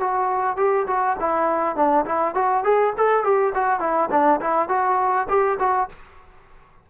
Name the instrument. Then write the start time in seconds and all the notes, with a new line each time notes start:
trombone
0.00 F#4
0.57 G4
0.87 F#4
1.20 E4
1.76 D4
2.06 E4
2.35 F#4
2.64 G#4
2.98 A4
3.24 G4
3.55 F#4
3.80 E4
4.11 D4
4.41 E4
4.69 F#4
5.29 G4
5.60 F#4